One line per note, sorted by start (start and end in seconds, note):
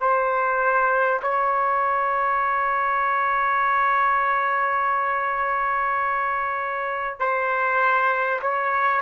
0.00 1.20 C5
1.22 7.19 C#5
7.19 8.39 C5
8.41 9.01 C#5